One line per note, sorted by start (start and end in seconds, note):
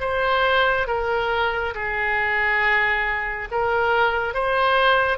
0.00 0.87 C5
0.87 1.74 A#4
1.74 3.48 G#4
3.51 4.34 A#4
4.34 5.18 C5